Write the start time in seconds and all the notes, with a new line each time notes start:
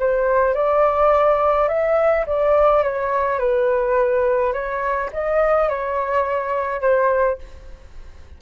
0.00 C5
0.55 D5
1.69 E5
2.27 D5
2.83 C#5
3.39 B4
4.54 C#5
5.13 D#5
5.69 C#5
6.82 C5